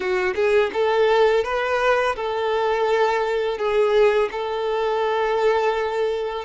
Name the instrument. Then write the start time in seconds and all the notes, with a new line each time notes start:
violin
0.00 F#4
0.35 G#4
0.73 A4
1.44 B4
2.16 A4
3.57 G#4
4.31 A4